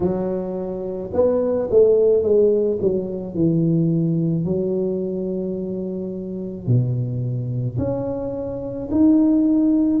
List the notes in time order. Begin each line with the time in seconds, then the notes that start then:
0.00 F#3
1.13 B3
1.70 A3
2.22 G#3
2.81 F#3
3.34 E3
4.44 F#3
6.66 B2
7.78 C#4
8.91 D#4